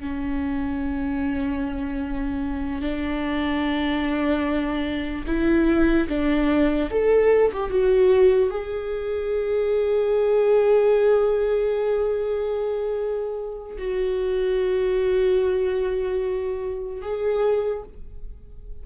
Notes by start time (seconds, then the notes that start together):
0.00 C#4
2.81 D4
5.27 E4
6.08 D4
6.91 A4
7.52 G4
7.70 F#4
8.50 G#4
13.78 F#4
17.02 G#4